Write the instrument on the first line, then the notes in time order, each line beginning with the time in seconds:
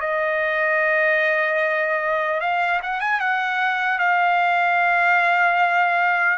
trumpet
0.00 D#5
2.40 F5
2.82 F#5
3.00 G#5
3.20 F#5
3.98 F5